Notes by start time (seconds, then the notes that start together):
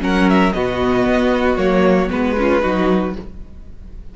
0.00 F#3 C#4 A#4 F#5
0.29 E5
0.52 B2 B3 F#4 D#5
1.06 B3
1.57 F#3 A#3 C#5
2.09 G#3 B3 B4
2.37 C#4 F4
2.61 F#3 D#4 F#4